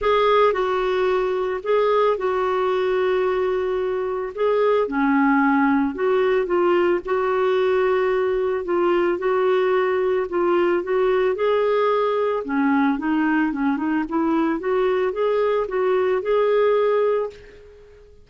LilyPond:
\new Staff \with { instrumentName = "clarinet" } { \time 4/4 \tempo 4 = 111 gis'4 fis'2 gis'4 | fis'1 | gis'4 cis'2 fis'4 | f'4 fis'2. |
f'4 fis'2 f'4 | fis'4 gis'2 cis'4 | dis'4 cis'8 dis'8 e'4 fis'4 | gis'4 fis'4 gis'2 | }